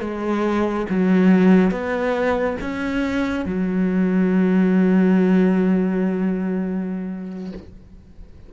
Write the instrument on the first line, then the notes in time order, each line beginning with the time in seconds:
cello
0.00 G#3
0.89 F#3
1.71 B3
2.61 C#4
3.45 F#3